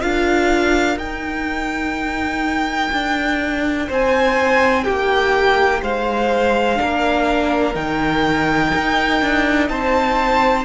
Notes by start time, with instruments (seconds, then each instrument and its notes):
0.00 cello D4, viola F4, violin A#4 F5
0.96 cello D#4, viola D#4, violin G5
2.92 cello D4
3.87 cello C4, violin C5 G#5
4.83 cello A#3, violin G4 G5
5.81 cello G#3, violin C5 F5
6.76 cello A#3, viola D4, violin A#4
7.74 cello D#3, viola D#4, violin G5
8.74 cello D#4
9.21 cello D4
9.69 cello C4, violin C5 A5